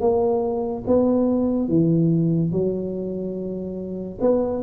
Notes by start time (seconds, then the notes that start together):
0.00 A#3
0.86 B3
1.68 E3
2.52 F#3
4.20 B3